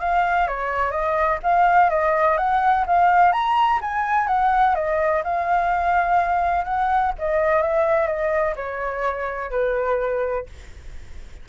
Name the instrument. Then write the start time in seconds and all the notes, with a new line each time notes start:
flute
0.00 F5
0.48 C#5
0.92 D#5
1.43 F5
1.90 D#5
2.38 F#5
2.87 F5
3.33 A#5
3.82 G#5
4.28 F#5
4.76 D#5
5.24 F5
6.65 F#5
7.19 D#5
7.63 E5
8.08 D#5
8.56 C#5
9.51 B4